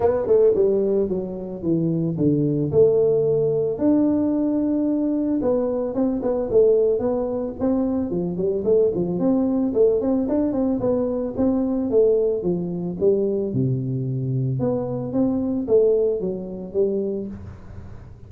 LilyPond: \new Staff \with { instrumentName = "tuba" } { \time 4/4 \tempo 4 = 111 b8 a8 g4 fis4 e4 | d4 a2 d'4~ | d'2 b4 c'8 b8 | a4 b4 c'4 f8 g8 |
a8 f8 c'4 a8 c'8 d'8 c'8 | b4 c'4 a4 f4 | g4 c2 b4 | c'4 a4 fis4 g4 | }